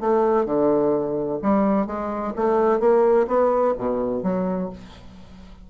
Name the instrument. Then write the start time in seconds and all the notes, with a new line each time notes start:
bassoon
0.00 A3
0.45 D3
1.42 G3
1.86 G#3
2.35 A3
2.79 A#3
3.27 B3
3.78 B2
4.23 F#3